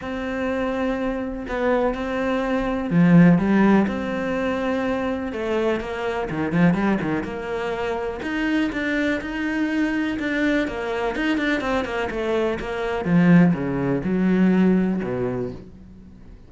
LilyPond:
\new Staff \with { instrumentName = "cello" } { \time 4/4 \tempo 4 = 124 c'2. b4 | c'2 f4 g4 | c'2. a4 | ais4 dis8 f8 g8 dis8 ais4~ |
ais4 dis'4 d'4 dis'4~ | dis'4 d'4 ais4 dis'8 d'8 | c'8 ais8 a4 ais4 f4 | cis4 fis2 b,4 | }